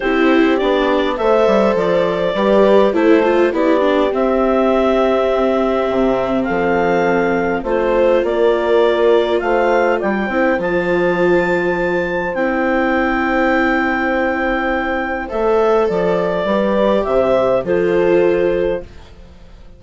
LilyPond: <<
  \new Staff \with { instrumentName = "clarinet" } { \time 4/4 \tempo 4 = 102 c''4 d''4 e''4 d''4~ | d''4 c''4 d''4 e''4~ | e''2. f''4~ | f''4 c''4 d''2 |
f''4 g''4 a''2~ | a''4 g''2.~ | g''2 e''4 d''4~ | d''4 e''4 c''2 | }
  \new Staff \with { instrumentName = "horn" } { \time 4/4 g'2 c''2 | b'4 a'4 g'2~ | g'2. a'4~ | a'4 c''4 ais'2 |
c''4 d''8 c''2~ c''8~ | c''1~ | c''1 | b'4 c''4 a'2 | }
  \new Staff \with { instrumentName = "viola" } { \time 4/4 e'4 d'4 a'2 | g'4 e'8 f'8 e'8 d'8 c'4~ | c'1~ | c'4 f'2.~ |
f'4. e'8 f'2~ | f'4 e'2.~ | e'2 a'2 | g'2 f'2 | }
  \new Staff \with { instrumentName = "bassoon" } { \time 4/4 c'4 b4 a8 g8 f4 | g4 a4 b4 c'4~ | c'2 c4 f4~ | f4 a4 ais2 |
a4 g8 c'8 f2~ | f4 c'2.~ | c'2 a4 f4 | g4 c4 f2 | }
>>